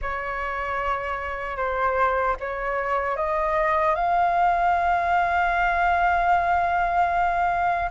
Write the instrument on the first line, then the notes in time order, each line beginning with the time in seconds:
flute
0.01 C#5
1.56 C5
2.40 C#5
3.16 D#5
3.95 F5